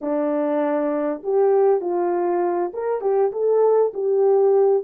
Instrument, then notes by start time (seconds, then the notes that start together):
horn
0.01 D4
1.23 G4
1.80 F4
2.73 A#4
3.01 G4
3.32 A4
3.93 G4